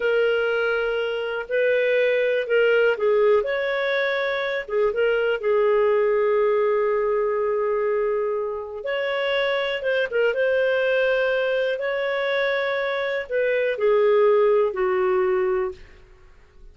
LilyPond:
\new Staff \with { instrumentName = "clarinet" } { \time 4/4 \tempo 4 = 122 ais'2. b'4~ | b'4 ais'4 gis'4 cis''4~ | cis''4. gis'8 ais'4 gis'4~ | gis'1~ |
gis'2 cis''2 | c''8 ais'8 c''2. | cis''2. b'4 | gis'2 fis'2 | }